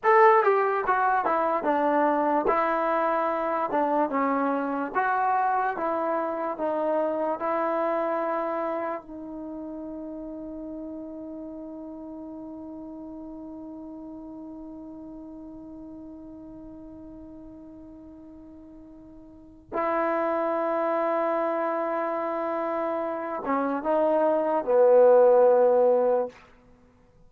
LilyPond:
\new Staff \with { instrumentName = "trombone" } { \time 4/4 \tempo 4 = 73 a'8 g'8 fis'8 e'8 d'4 e'4~ | e'8 d'8 cis'4 fis'4 e'4 | dis'4 e'2 dis'4~ | dis'1~ |
dis'1~ | dis'1 | e'1~ | e'8 cis'8 dis'4 b2 | }